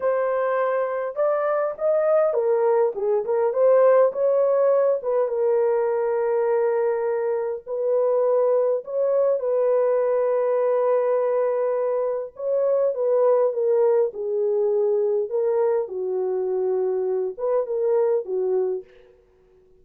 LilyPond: \new Staff \with { instrumentName = "horn" } { \time 4/4 \tempo 4 = 102 c''2 d''4 dis''4 | ais'4 gis'8 ais'8 c''4 cis''4~ | cis''8 b'8 ais'2.~ | ais'4 b'2 cis''4 |
b'1~ | b'4 cis''4 b'4 ais'4 | gis'2 ais'4 fis'4~ | fis'4. b'8 ais'4 fis'4 | }